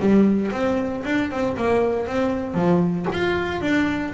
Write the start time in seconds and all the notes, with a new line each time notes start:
0.00 G3
0.52 C4
1.05 D4
1.31 C4
1.57 A#3
2.07 C4
2.55 F3
3.12 F4
3.62 D4